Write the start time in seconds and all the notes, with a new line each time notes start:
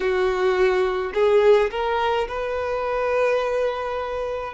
0.00 F#4
1.13 G#4
1.70 A#4
2.27 B4